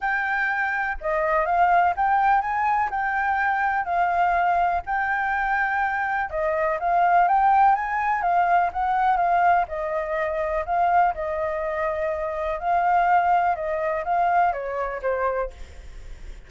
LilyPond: \new Staff \with { instrumentName = "flute" } { \time 4/4 \tempo 4 = 124 g''2 dis''4 f''4 | g''4 gis''4 g''2 | f''2 g''2~ | g''4 dis''4 f''4 g''4 |
gis''4 f''4 fis''4 f''4 | dis''2 f''4 dis''4~ | dis''2 f''2 | dis''4 f''4 cis''4 c''4 | }